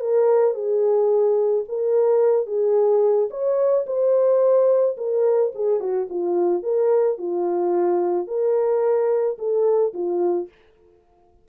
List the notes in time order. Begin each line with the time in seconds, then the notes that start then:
0.00 A#4
0.54 G#4
1.68 A#4
2.46 G#4
3.30 C#5
3.86 C5
4.97 A#4
5.55 G#4
5.80 F#4
6.10 F4
6.63 A#4
7.18 F4
8.27 A#4
9.38 A4
9.94 F4